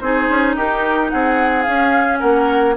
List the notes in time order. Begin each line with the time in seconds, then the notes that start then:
0.00 C4 D#4 G#4 C5
0.29 C#4
0.56 D#4 G4 A#4
1.10 C4 G#4 F#5
1.62 C#4 F5
2.19 A#3 A#4 F#5